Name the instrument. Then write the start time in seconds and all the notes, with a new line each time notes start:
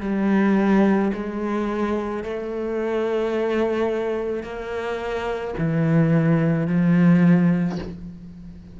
cello
0.00 G3
1.14 G#3
2.24 A3
4.43 A#3
5.58 E3
6.67 F3